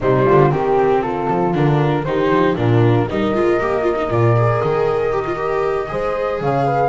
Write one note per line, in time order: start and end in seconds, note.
0.00 0.26 C3
0.00 0.50 G3
0.00 0.25 D#4
0.00 0.51 C5
0.25 0.51 D3
0.25 0.51 F4
0.50 1.28 D#3
0.50 1.53 C4
0.50 1.02 G4
1.02 2.04 F4
1.02 1.53 A4
1.30 1.55 F3
1.54 2.05 D3
1.54 2.05 D4
1.54 2.04 A#4
2.04 2.30 D#3
2.04 2.56 D#4
2.04 2.57 G4
2.04 2.55 C5
2.30 2.55 F3
2.56 3.07 A#2
2.56 3.07 D4
2.56 3.08 F4
2.56 3.08 A#4
3.08 3.34 G3
3.08 3.34 D#4
3.08 5.91 A#4
3.08 4.11 D#5
3.34 3.60 G#3
3.34 3.60 F4
3.60 4.10 A#3
3.60 3.82 G4
3.82 3.95 F4
3.95 4.08 D#4
4.10 4.61 A#2
4.10 4.35 F4
4.10 4.61 D5
4.36 5.12 G#4
4.61 5.91 D#3
4.61 6.40 D#5
5.12 5.25 G4
5.26 5.35 F4
5.35 5.87 G4
5.88 6.40 G#3
5.88 6.89 G#4
5.88 6.42 C5
6.40 6.89 C#3
6.40 6.66 C#5
6.40 6.89 F5
6.66 6.89 B4